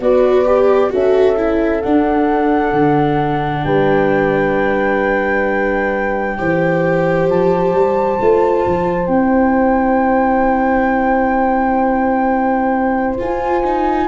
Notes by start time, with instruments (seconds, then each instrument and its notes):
0.00 tuba B3, viola F#4, horn B4, flute D5
0.45 viola G4
0.90 tuba C#4, viola F#4, horn A4, flute E5
1.37 viola E4
1.82 viola D4, tuba D4, flute F#5
2.72 tuba D3
3.64 tuba G3, horn B4, flute G5
6.38 tuba E3, viola G4, horn C5
7.28 tuba F3, flute A5
7.73 tuba G3
8.20 tuba A3, viola F4
8.67 tuba F3
9.06 tuba C4, viola E4, flute G5
13.18 viola F4, tuba F4, flute G#5
13.64 viola D#4